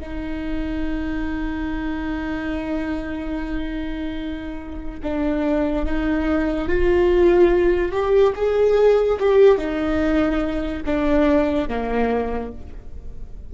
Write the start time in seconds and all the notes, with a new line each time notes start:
0.00 D#4
5.03 D4
5.85 D#4
6.68 F4
7.91 G4
8.35 G#4
9.19 G4
9.58 D#4
10.86 D4
11.69 A#3